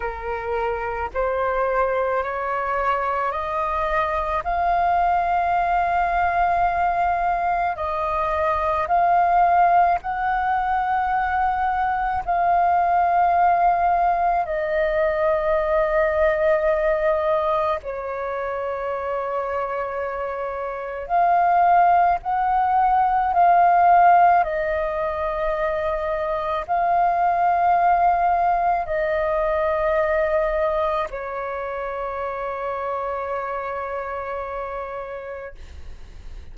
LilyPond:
\new Staff \with { instrumentName = "flute" } { \time 4/4 \tempo 4 = 54 ais'4 c''4 cis''4 dis''4 | f''2. dis''4 | f''4 fis''2 f''4~ | f''4 dis''2. |
cis''2. f''4 | fis''4 f''4 dis''2 | f''2 dis''2 | cis''1 | }